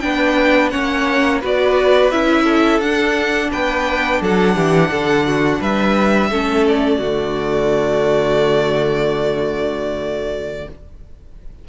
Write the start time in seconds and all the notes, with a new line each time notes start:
0.00 B3 D4 B4 G5
0.70 A#3 C#4 C#5 F#5
1.41 B3 F#4 B4 D5
2.11 C#4 E4 E5
2.44 A4
2.80 D4 F#5
3.51 B3 B4 G5
4.21 F#3 A4 F#5
4.55 E3 G4
4.90 D3 A4
5.26 F#4
5.60 G3 B4 E5
6.30 A3 C#4 A4
6.67 D5
6.98 D3 A3 F#4